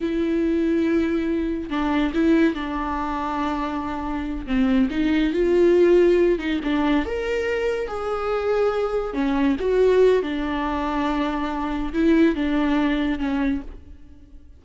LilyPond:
\new Staff \with { instrumentName = "viola" } { \time 4/4 \tempo 4 = 141 e'1 | d'4 e'4 d'2~ | d'2~ d'8 c'4 dis'8~ | dis'8 f'2~ f'8 dis'8 d'8~ |
d'8 ais'2 gis'4.~ | gis'4. cis'4 fis'4. | d'1 | e'4 d'2 cis'4 | }